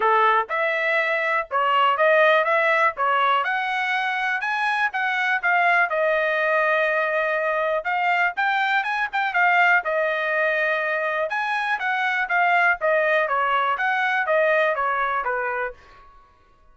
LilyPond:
\new Staff \with { instrumentName = "trumpet" } { \time 4/4 \tempo 4 = 122 a'4 e''2 cis''4 | dis''4 e''4 cis''4 fis''4~ | fis''4 gis''4 fis''4 f''4 | dis''1 |
f''4 g''4 gis''8 g''8 f''4 | dis''2. gis''4 | fis''4 f''4 dis''4 cis''4 | fis''4 dis''4 cis''4 b'4 | }